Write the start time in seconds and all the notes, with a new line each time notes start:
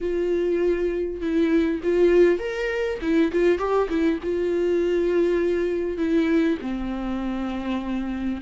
0.01 F4
1.21 E4
1.83 F4
2.38 A#4
3.01 E4
3.32 F4
3.58 G4
3.89 E4
4.22 F4
5.97 E4
6.61 C4